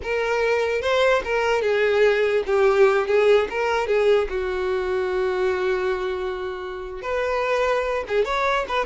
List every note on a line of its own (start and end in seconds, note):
0.02 0.81 A#4
0.81 1.22 C5
1.24 1.61 A#4
1.61 2.43 G#4
2.46 3.07 G4
3.07 3.47 G#4
3.49 3.87 A#4
3.87 4.28 G#4
4.29 7.02 F#4
7.02 8.04 B4
8.08 8.24 G#4
8.24 8.65 C#5
8.68 8.85 B4